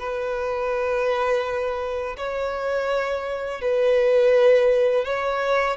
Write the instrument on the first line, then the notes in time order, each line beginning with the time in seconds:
violin
0.00 B4
2.18 C#5
3.62 B4
5.05 C#5